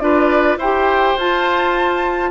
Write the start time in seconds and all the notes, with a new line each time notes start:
0.00 D4 F4 B4 D5
0.57 E4 G4 C5 G5
1.16 F4 A5